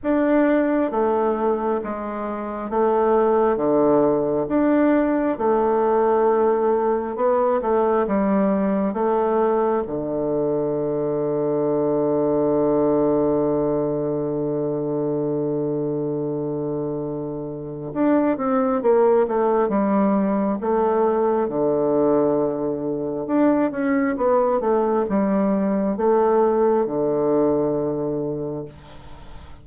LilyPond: \new Staff \with { instrumentName = "bassoon" } { \time 4/4 \tempo 4 = 67 d'4 a4 gis4 a4 | d4 d'4 a2 | b8 a8 g4 a4 d4~ | d1~ |
d1 | d'8 c'8 ais8 a8 g4 a4 | d2 d'8 cis'8 b8 a8 | g4 a4 d2 | }